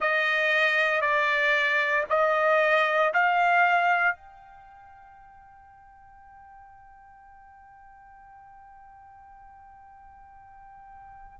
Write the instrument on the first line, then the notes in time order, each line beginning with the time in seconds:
trumpet
0.00 D#5
1.01 D5
2.09 D#5
3.13 F5
4.16 G5